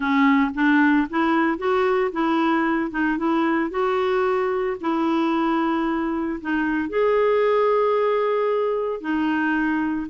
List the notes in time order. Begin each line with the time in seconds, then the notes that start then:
0.00 C#4
0.54 D4
1.10 E4
1.58 F#4
2.12 E4
2.91 D#4
3.17 E4
3.70 F#4
4.81 E4
6.40 D#4
6.89 G#4
9.00 D#4